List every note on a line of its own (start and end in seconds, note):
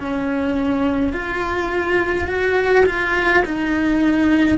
0.00 1.13 C#4
1.13 2.28 F4
2.28 2.85 F#4
2.86 3.44 F4
3.45 4.58 D#4